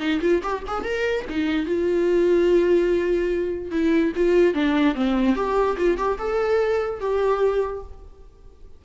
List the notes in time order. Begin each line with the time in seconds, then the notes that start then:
0.00 D#4
0.22 F4
0.43 G4
0.67 G#4
0.84 A#4
1.29 D#4
1.66 F4
3.72 E4
4.16 F4
4.54 D4
4.95 C4
5.36 G4
5.78 F4
5.98 G4
6.19 A4
7.01 G4